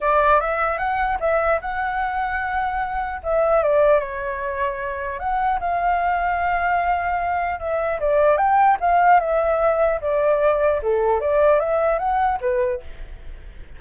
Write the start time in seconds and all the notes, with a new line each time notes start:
0.00 D5
0.40 E5
0.78 F#5
1.19 E5
1.61 F#5
3.23 E5
3.62 D5
3.99 C#5
5.19 F#5
5.60 F5
7.59 E5
7.99 D5
8.37 G5
8.80 F5
9.20 E5
10.01 D5
10.82 A4
11.20 D5
11.59 E5
11.99 F#5
12.40 B4